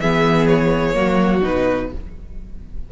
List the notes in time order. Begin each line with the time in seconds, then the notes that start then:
0.00 E3 B3 G#4 E5
0.47 C#5
0.94 F#3 A#3 F#4
1.42 B2 D#4 B4